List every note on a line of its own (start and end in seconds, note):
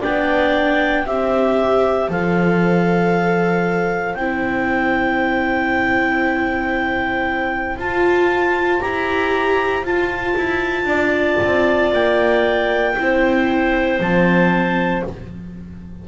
0.00 1.06 B3
0.00 1.05 D4
0.00 1.03 D5
0.00 1.06 G5
1.03 2.09 C4
1.03 2.09 G4
1.03 10.86 C5
1.03 2.10 E5
2.09 4.15 F3
2.09 4.16 A4
2.09 4.14 F5
4.14 7.76 C4
4.14 7.78 E4
4.14 7.77 G5
7.76 8.80 F4
7.76 8.81 F4
7.76 8.81 A5
8.81 9.83 E4
8.81 9.84 G4
8.81 9.84 A#5
9.83 10.34 F4
9.83 12.95 F4
9.83 11.92 A5
10.37 10.84 E4
10.84 11.36 D4
10.84 12.94 D5
11.43 11.92 C4
11.92 12.96 A#3
11.92 14.00 G5
12.98 13.99 C4
12.98 14.01 E4
12.98 15.07 C5
13.99 15.03 F3
13.99 15.04 C4
13.99 15.04 A5